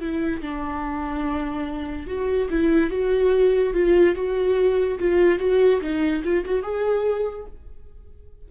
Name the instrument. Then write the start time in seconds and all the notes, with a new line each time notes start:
viola
0.00 E4
0.42 D4
2.07 F#4
2.50 E4
2.90 F#4
3.73 F4
4.15 F#4
4.99 F4
5.39 F#4
5.81 D#4
6.24 F4
6.45 F#4
6.62 G#4